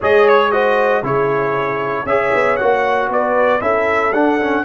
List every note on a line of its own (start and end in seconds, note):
0.00 1.02 G#3
0.00 0.52 G#4
0.00 0.51 C#5
0.00 0.28 D#5
0.28 0.51 C#5
0.51 1.03 F#4
0.51 1.03 C5
0.51 1.03 D#5
1.02 2.05 C#3
1.02 2.06 E4
1.02 2.05 G#4
1.02 2.06 C#5
2.05 2.30 C#4
2.05 2.59 G#4
2.05 3.08 C#5
2.05 2.56 E5
2.33 2.59 B3
2.56 3.08 A#3
2.56 3.60 F#4
2.56 3.08 F#5
3.08 3.60 B3
3.08 3.62 B4
3.08 3.61 D5
3.60 4.12 C#4
3.60 4.12 E4
3.60 4.64 A4
3.60 4.12 E5
4.12 4.64 D4
4.12 4.40 D4
4.12 4.64 F#5
4.40 4.64 C#4